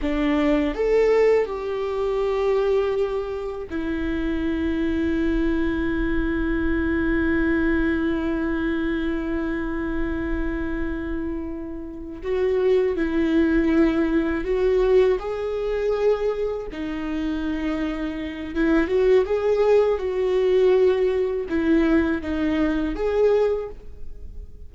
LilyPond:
\new Staff \with { instrumentName = "viola" } { \time 4/4 \tempo 4 = 81 d'4 a'4 g'2~ | g'4 e'2.~ | e'1~ | e'1~ |
e'8 fis'4 e'2 fis'8~ | fis'8 gis'2 dis'4.~ | dis'4 e'8 fis'8 gis'4 fis'4~ | fis'4 e'4 dis'4 gis'4 | }